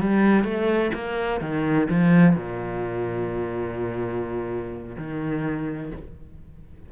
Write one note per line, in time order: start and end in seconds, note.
0.00 0.44 G3
0.44 0.91 A3
0.94 1.41 A#3
1.41 1.88 D#3
1.90 2.36 F3
2.36 4.96 A#2
4.98 5.92 D#3